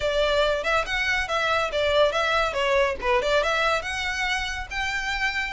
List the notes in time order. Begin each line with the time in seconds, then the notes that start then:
0.00 D5
0.63 E5
0.85 F#5
1.28 E5
1.72 D5
2.12 E5
2.53 C#5
3.01 B4
3.21 D5
3.43 E5
3.82 F#5
4.70 G5